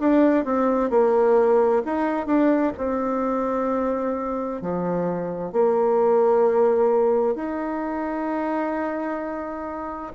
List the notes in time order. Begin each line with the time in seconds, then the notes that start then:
0.00 D4
0.45 C4
0.90 A#3
1.85 D#4
2.27 D4
2.77 C4
4.62 F3
5.53 A#3
7.36 D#4